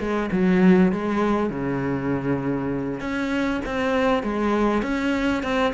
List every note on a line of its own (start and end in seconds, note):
0.00 0.30 G#3
0.32 0.93 F#3
0.93 1.50 G#3
1.50 3.01 C#3
3.01 3.61 C#4
3.66 4.23 C4
4.23 4.83 G#3
4.83 5.43 C#4
5.43 5.74 C4